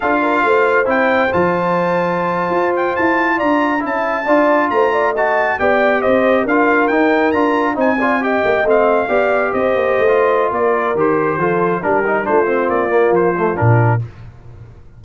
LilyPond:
<<
  \new Staff \with { instrumentName = "trumpet" } { \time 4/4 \tempo 4 = 137 f''2 g''4 a''4~ | a''2~ a''16 g''8 a''4 ais''16~ | ais''8. a''2 ais''4 a''16~ | a''8. g''4 dis''4 f''4 g''16~ |
g''8. ais''4 gis''4 g''4 f''16~ | f''4.~ f''16 dis''2~ dis''16 | d''4 c''2 ais'4 | c''4 d''4 c''4 ais'4 | }
  \new Staff \with { instrumentName = "horn" } { \time 4/4 a'8 ais'8 c''2.~ | c''2.~ c''8. d''16~ | d''8. e''4 d''4 c''8 d''8 dis''16~ | dis''8. d''4 c''4 ais'4~ ais'16~ |
ais'4.~ ais'16 c''8 d''8 dis''4~ dis''16~ | dis''8. d''4 c''2~ c''16 | ais'2 a'4 g'4 | f'1 | }
  \new Staff \with { instrumentName = "trombone" } { \time 4/4 f'2 e'4 f'4~ | f'1~ | f'8. e'4 f'2 fis'16~ | fis'8. g'2 f'4 dis'16~ |
dis'8. f'4 dis'8 f'8 g'4 c'16~ | c'8. g'2~ g'16 f'4~ | f'4 g'4 f'4 d'8 dis'8 | d'8 c'4 ais4 a8 d'4 | }
  \new Staff \with { instrumentName = "tuba" } { \time 4/4 d'4 a4 c'4 f4~ | f4.~ f16 f'4 e'4 d'16~ | d'8. cis'4 d'4 a4~ a16~ | a8. b4 c'4 d'4 dis'16~ |
dis'8. d'4 c'4. ais8 a16~ | a8. b4 c'8 ais8 a4~ a16 | ais4 dis4 f4 g4 | a4 ais4 f4 ais,4 | }
>>